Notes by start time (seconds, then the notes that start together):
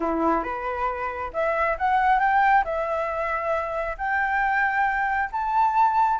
0.00 E4
0.43 B4
1.33 E5
1.78 F#5
2.19 G5
2.64 E5
3.97 G5
5.31 A5